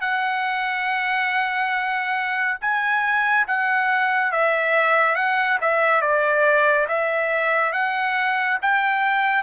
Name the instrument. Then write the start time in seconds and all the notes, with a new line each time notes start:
trumpet
0.00 F#5
2.61 G#5
3.47 F#5
4.31 E5
5.15 F#5
5.61 E5
6.01 D5
6.88 E5
7.72 F#5
8.61 G5